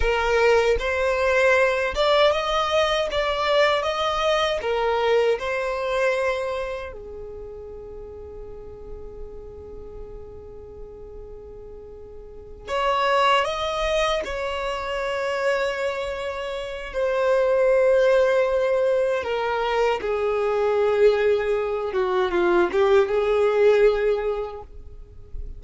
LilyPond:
\new Staff \with { instrumentName = "violin" } { \time 4/4 \tempo 4 = 78 ais'4 c''4. d''8 dis''4 | d''4 dis''4 ais'4 c''4~ | c''4 gis'2.~ | gis'1~ |
gis'8 cis''4 dis''4 cis''4.~ | cis''2 c''2~ | c''4 ais'4 gis'2~ | gis'8 fis'8 f'8 g'8 gis'2 | }